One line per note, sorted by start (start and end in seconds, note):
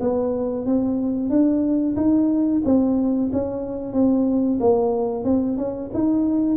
0.00 0.66 B3
0.66 1.29 C4
1.29 1.95 D4
1.96 2.62 D#4
2.65 3.31 C4
3.33 3.93 C#4
3.93 4.59 C4
4.60 5.24 A#3
5.24 5.57 C4
5.57 5.90 C#4
5.94 6.56 D#4